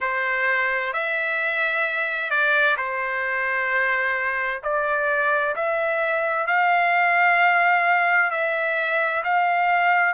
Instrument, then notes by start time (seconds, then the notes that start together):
trumpet
0.00 C5
0.93 E5
2.30 D5
2.77 C5
4.63 D5
5.56 E5
6.47 F5
8.30 E5
9.23 F5